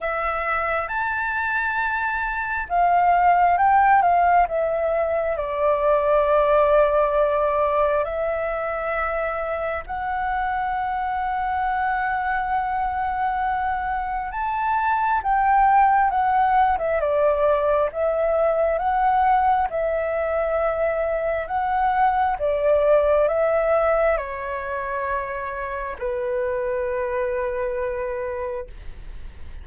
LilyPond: \new Staff \with { instrumentName = "flute" } { \time 4/4 \tempo 4 = 67 e''4 a''2 f''4 | g''8 f''8 e''4 d''2~ | d''4 e''2 fis''4~ | fis''1 |
a''4 g''4 fis''8. e''16 d''4 | e''4 fis''4 e''2 | fis''4 d''4 e''4 cis''4~ | cis''4 b'2. | }